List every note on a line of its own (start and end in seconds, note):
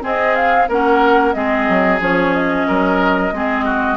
0.00 0.66 C4
0.00 0.68 C4
0.00 0.68 G#4
0.00 0.35 D#5
0.35 0.68 F5
0.68 1.34 A#3
0.68 1.34 C#4
0.68 1.34 A#4
0.68 1.33 F#5
1.33 1.68 G#3
1.33 2.00 C4
1.33 2.67 G#4
1.33 1.99 D#5
1.68 2.00 F#3
2.00 2.66 F3
2.00 3.32 C#4
2.00 2.33 C#5
2.33 3.97 D#5
2.67 3.32 F#3
2.67 3.33 A#4
3.32 3.97 G#3
3.32 3.97 C4
3.32 3.65 G#4
3.65 3.97 F#4